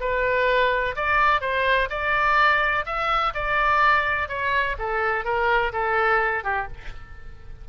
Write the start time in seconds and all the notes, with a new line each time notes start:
0.00 B4
0.96 D5
1.41 C5
1.90 D5
2.86 E5
3.34 D5
4.28 C#5
4.79 A4
5.25 A#4
5.72 A4
6.44 G4